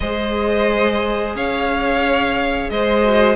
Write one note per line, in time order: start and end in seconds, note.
0.00 1.35 G#3
0.00 3.02 G#4
0.00 1.36 C5
0.00 1.34 D#5
1.35 2.70 C#4
1.35 2.71 C#5
1.35 2.70 F5
2.70 3.36 G#3
2.70 3.36 C5
2.70 3.36 D#5
3.02 3.36 F#4